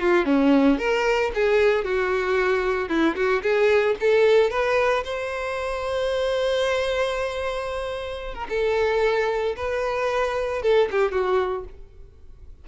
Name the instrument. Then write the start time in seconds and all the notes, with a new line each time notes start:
violin
0.00 F4
0.25 C#4
0.78 A#4
1.34 G#4
1.84 F#4
2.88 E4
3.15 F#4
3.42 G#4
4.00 A4
4.50 B4
5.04 C5
8.34 A#4
8.49 A4
9.56 B4
10.62 A4
10.91 G4
11.11 F#4